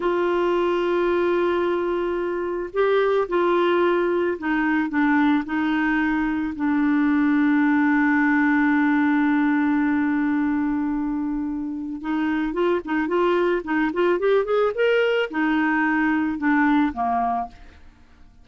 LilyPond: \new Staff \with { instrumentName = "clarinet" } { \time 4/4 \tempo 4 = 110 f'1~ | f'4 g'4 f'2 | dis'4 d'4 dis'2 | d'1~ |
d'1~ | d'2 dis'4 f'8 dis'8 | f'4 dis'8 f'8 g'8 gis'8 ais'4 | dis'2 d'4 ais4 | }